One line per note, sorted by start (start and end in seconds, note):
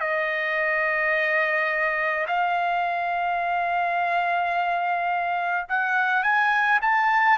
0.00 2.26 D#5
2.27 5.67 F5
5.69 6.23 F#5
6.23 6.80 G#5
6.82 7.38 A5